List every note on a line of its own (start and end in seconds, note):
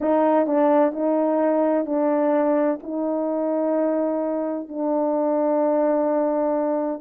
0.00 0.46 D#4
0.46 0.92 D4
0.92 1.85 D#4
1.85 2.79 D4
2.82 4.68 D#4
4.68 7.01 D4